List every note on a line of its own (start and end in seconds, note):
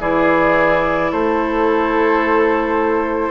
0.00 1.12 E3
0.00 3.31 E4
0.00 1.11 G#4
0.00 1.12 D5
1.12 3.31 A3
1.12 3.31 A4
1.12 3.31 C5